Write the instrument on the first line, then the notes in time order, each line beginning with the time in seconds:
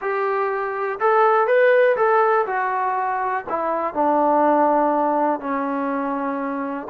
trombone
0.01 G4
0.99 A4
1.47 B4
1.96 A4
2.46 F#4
3.49 E4
3.93 D4
5.40 C#4